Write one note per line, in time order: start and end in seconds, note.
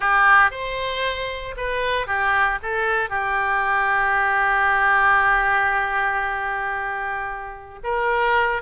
0.00 0.51 G4
0.51 1.55 C5
1.57 2.06 B4
2.06 2.58 G4
2.62 3.09 A4
3.09 7.79 G4
7.83 8.61 A#4